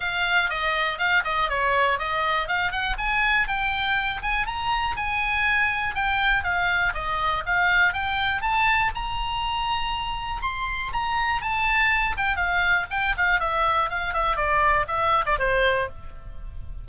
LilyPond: \new Staff \with { instrumentName = "oboe" } { \time 4/4 \tempo 4 = 121 f''4 dis''4 f''8 dis''8 cis''4 | dis''4 f''8 fis''8 gis''4 g''4~ | g''8 gis''8 ais''4 gis''2 | g''4 f''4 dis''4 f''4 |
g''4 a''4 ais''2~ | ais''4 c'''4 ais''4 a''4~ | a''8 g''8 f''4 g''8 f''8 e''4 | f''8 e''8 d''4 e''8. d''16 c''4 | }